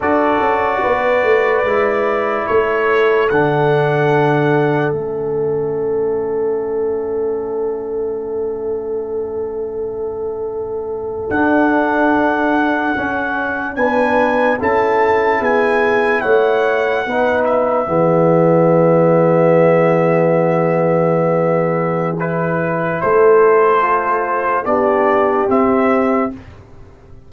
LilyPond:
<<
  \new Staff \with { instrumentName = "trumpet" } { \time 4/4 \tempo 4 = 73 d''2. cis''4 | fis''2 e''2~ | e''1~ | e''4.~ e''16 fis''2~ fis''16~ |
fis''8. gis''4 a''4 gis''4 fis''16~ | fis''4~ fis''16 e''2~ e''8.~ | e''2. b'4 | c''2 d''4 e''4 | }
  \new Staff \with { instrumentName = "horn" } { \time 4/4 a'4 b'2 a'4~ | a'1~ | a'1~ | a'1~ |
a'8. b'4 a'4 gis'4 cis''16~ | cis''8. b'4 gis'2~ gis'16~ | gis'1 | a'2 g'2 | }
  \new Staff \with { instrumentName = "trombone" } { \time 4/4 fis'2 e'2 | d'2 cis'2~ | cis'1~ | cis'4.~ cis'16 d'2 cis'16~ |
cis'8. d'4 e'2~ e'16~ | e'8. dis'4 b2~ b16~ | b2. e'4~ | e'4 f'4 d'4 c'4 | }
  \new Staff \with { instrumentName = "tuba" } { \time 4/4 d'8 cis'8 b8 a8 gis4 a4 | d2 a2~ | a1~ | a4.~ a16 d'2 cis'16~ |
cis'8. b4 cis'4 b4 a16~ | a8. b4 e2~ e16~ | e1 | a2 b4 c'4 | }
>>